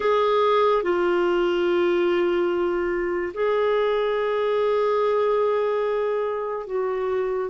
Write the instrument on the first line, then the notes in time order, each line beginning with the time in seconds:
clarinet
0.00 G#4
0.82 F4
3.34 G#4
6.66 F#4